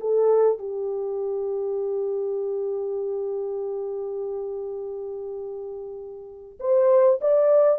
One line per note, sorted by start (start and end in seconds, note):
0.00 0.58 A4
0.58 6.58 G4
6.59 7.19 C5
7.21 7.78 D5